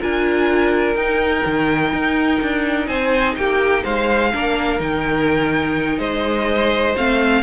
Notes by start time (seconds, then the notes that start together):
0.00 D4 F4 A#4 G#5
0.96 D#4 G5
1.46 D#3
1.93 D#4
2.42 D4
2.88 C4 C5 G#5
3.36 A#3 G4 G5
3.84 G#3 C5 F5
4.33 A#3 D4 A#4
4.79 D#3 D#4 G5
5.99 G#3 C5 D#5
6.97 A3 C4 F5